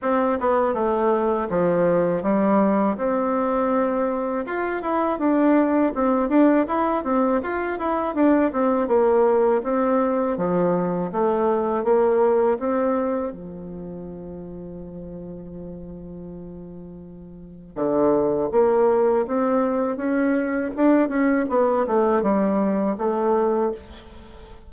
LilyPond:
\new Staff \with { instrumentName = "bassoon" } { \time 4/4 \tempo 4 = 81 c'8 b8 a4 f4 g4 | c'2 f'8 e'8 d'4 | c'8 d'8 e'8 c'8 f'8 e'8 d'8 c'8 | ais4 c'4 f4 a4 |
ais4 c'4 f2~ | f1 | d4 ais4 c'4 cis'4 | d'8 cis'8 b8 a8 g4 a4 | }